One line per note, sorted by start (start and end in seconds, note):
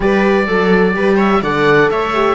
0.00 0.47 G3
0.00 0.46 G4
0.00 0.46 B4
0.00 1.18 D5
0.46 0.96 F#3
0.46 0.94 A4
0.46 0.93 A4
0.93 1.42 G3
0.93 1.41 G4
0.93 1.16 B4
1.16 1.40 C#5
1.16 1.43 E5
1.42 1.89 D3
1.42 2.14 A4
1.42 1.89 D5
1.42 1.90 F#5
1.90 2.35 A3
1.90 2.35 C#5
1.90 2.35 E5
2.14 2.35 G4